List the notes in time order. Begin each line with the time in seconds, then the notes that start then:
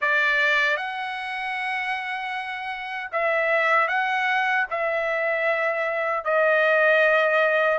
0.01 D5
0.76 F#5
3.12 E5
3.87 F#5
4.70 E5
6.24 D#5